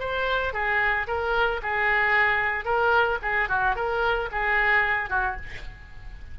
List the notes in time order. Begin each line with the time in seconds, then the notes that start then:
0.00 C5
0.53 G#4
1.07 A#4
1.62 G#4
2.65 A#4
3.22 G#4
3.49 F#4
3.76 A#4
4.32 G#4
5.10 F#4